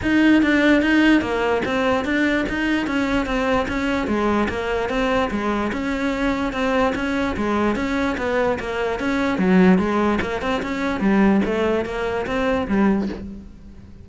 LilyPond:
\new Staff \with { instrumentName = "cello" } { \time 4/4 \tempo 4 = 147 dis'4 d'4 dis'4 ais4 | c'4 d'4 dis'4 cis'4 | c'4 cis'4 gis4 ais4 | c'4 gis4 cis'2 |
c'4 cis'4 gis4 cis'4 | b4 ais4 cis'4 fis4 | gis4 ais8 c'8 cis'4 g4 | a4 ais4 c'4 g4 | }